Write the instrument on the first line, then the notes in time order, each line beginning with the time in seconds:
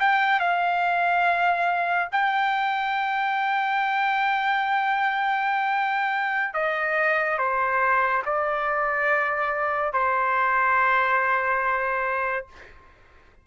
trumpet
0.00 G5
0.40 F5
2.12 G5
6.54 D#5
7.38 C5
8.25 D5
9.93 C5